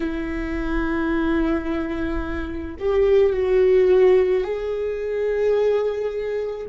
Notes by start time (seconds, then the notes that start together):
0.00 E4
2.79 G4
3.32 F#4
4.44 G#4